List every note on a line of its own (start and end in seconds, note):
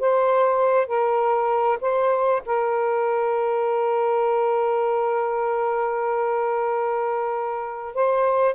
0.00 0.87 C5
0.87 1.79 A#4
1.81 2.42 C5
2.46 7.95 A#4
7.95 8.55 C5